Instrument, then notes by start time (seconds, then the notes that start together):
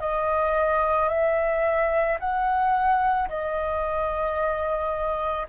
flute
0.00 D#5
1.09 E5
2.20 F#5
3.29 D#5